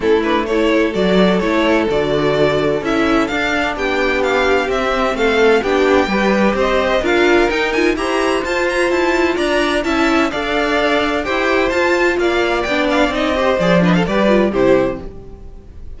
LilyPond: <<
  \new Staff \with { instrumentName = "violin" } { \time 4/4 \tempo 4 = 128 a'8 b'8 cis''4 d''4 cis''4 | d''2 e''4 f''4 | g''4 f''4 e''4 f''4 | g''2 dis''4 f''4 |
g''8 gis''8 ais''4 a''8 ais''8 a''4 | ais''4 a''4 f''2 | g''4 a''4 f''4 g''8 f''8 | dis''4 d''8 dis''16 f''16 d''4 c''4 | }
  \new Staff \with { instrumentName = "violin" } { \time 4/4 e'4 a'2.~ | a'1 | g'2. a'4 | g'4 b'4 c''4 ais'4~ |
ais'4 c''2. | d''4 e''4 d''2 | c''2 d''2~ | d''8 c''4 b'16 a'16 b'4 g'4 | }
  \new Staff \with { instrumentName = "viola" } { \time 4/4 cis'8 d'8 e'4 fis'4 e'4 | fis'2 e'4 d'4~ | d'2 c'2 | d'4 g'2 f'4 |
dis'8 f'8 g'4 f'2~ | f'4 e'4 a'2 | g'4 f'2 d'4 | dis'8 g'8 gis'8 d'8 g'8 f'8 e'4 | }
  \new Staff \with { instrumentName = "cello" } { \time 4/4 a2 fis4 a4 | d2 cis'4 d'4 | b2 c'4 a4 | b4 g4 c'4 d'4 |
dis'4 e'4 f'4 e'4 | d'4 cis'4 d'2 | e'4 f'4 ais4 b4 | c'4 f4 g4 c4 | }
>>